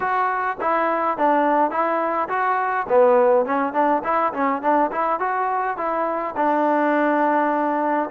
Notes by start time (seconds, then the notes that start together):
0.00 F#4
0.60 E4
1.17 D4
1.70 E4
2.28 F#4
2.88 B3
3.45 C#4
3.73 D4
4.04 E4
4.33 C#4
4.62 D4
4.91 E4
5.19 F#4
5.77 E4
6.36 D4